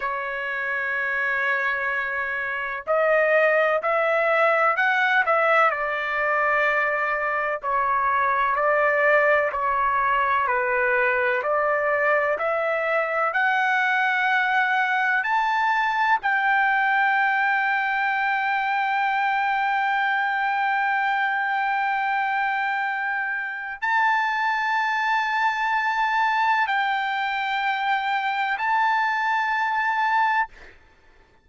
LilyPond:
\new Staff \with { instrumentName = "trumpet" } { \time 4/4 \tempo 4 = 63 cis''2. dis''4 | e''4 fis''8 e''8 d''2 | cis''4 d''4 cis''4 b'4 | d''4 e''4 fis''2 |
a''4 g''2.~ | g''1~ | g''4 a''2. | g''2 a''2 | }